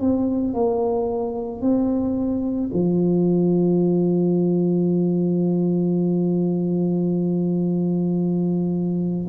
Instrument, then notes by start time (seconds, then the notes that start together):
tuba
0.00 C4
0.54 A#3
1.61 C4
2.73 F3